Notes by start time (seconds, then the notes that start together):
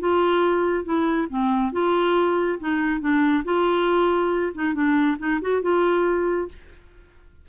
0.00 F4
0.85 E4
1.30 C4
1.73 F4
2.60 D#4
3.01 D4
3.45 F4
4.55 D#4
4.74 D4
5.19 D#4
5.42 F#4
5.62 F4